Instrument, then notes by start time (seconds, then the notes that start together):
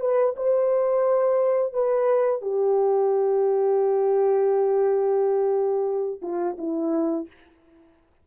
horn
0.00 B4
0.36 C5
1.73 B4
2.41 G4
6.22 F4
6.58 E4